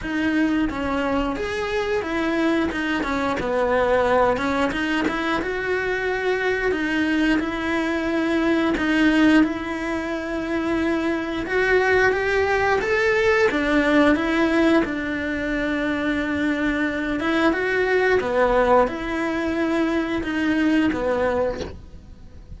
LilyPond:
\new Staff \with { instrumentName = "cello" } { \time 4/4 \tempo 4 = 89 dis'4 cis'4 gis'4 e'4 | dis'8 cis'8 b4. cis'8 dis'8 e'8 | fis'2 dis'4 e'4~ | e'4 dis'4 e'2~ |
e'4 fis'4 g'4 a'4 | d'4 e'4 d'2~ | d'4. e'8 fis'4 b4 | e'2 dis'4 b4 | }